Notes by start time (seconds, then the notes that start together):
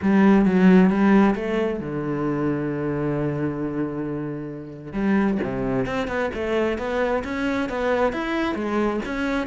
0.02 G3
0.45 F#3
0.89 G3
1.35 A3
1.80 D3
4.93 G3
5.43 C3
5.85 C4
6.07 B3
6.34 A3
6.78 B3
7.24 C#4
7.69 B3
8.12 E4
8.54 G#3
9.05 C#4